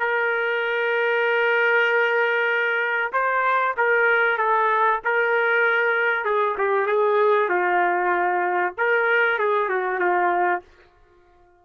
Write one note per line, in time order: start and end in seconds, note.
0.00 3.12 A#4
3.13 3.76 C5
3.78 4.38 A#4
4.38 5.01 A4
5.05 6.25 A#4
6.25 6.57 G#4
6.59 6.87 G4
6.87 7.49 G#4
7.49 8.74 F4
8.78 9.39 A#4
9.39 9.69 G#4
9.69 10.00 F#4
10.00 10.62 F4